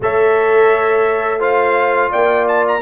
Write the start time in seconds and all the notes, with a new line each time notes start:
0.00 A3 A4 C#5 E5
1.39 F4 C5 F5
2.10 A#3 D5 G5
2.48 A5
2.68 A#5